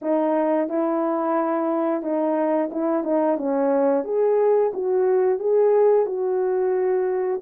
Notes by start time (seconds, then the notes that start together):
0.01 D#4
0.69 E4
2.02 D#4
2.71 E4
3.03 D#4
3.37 C#4
4.04 G#4
4.73 F#4
5.39 G#4
6.06 F#4